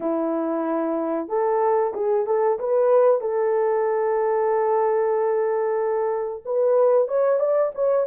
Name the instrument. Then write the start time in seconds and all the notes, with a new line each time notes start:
horn
0.00 E4
1.28 A4
1.94 G#4
2.26 A4
2.59 B4
3.20 A4
6.45 B4
7.08 C#5
7.39 D5
7.74 C#5